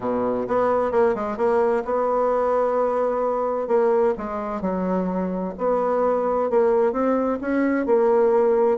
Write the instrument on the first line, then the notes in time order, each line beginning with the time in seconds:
bassoon
0.00 B2
0.47 B3
0.91 A#3
1.15 G#3
1.37 A#3
1.84 B3
3.67 A#3
4.17 G#3
4.61 F#3
5.57 B3
6.50 A#3
6.92 C4
7.41 C#4
7.86 A#3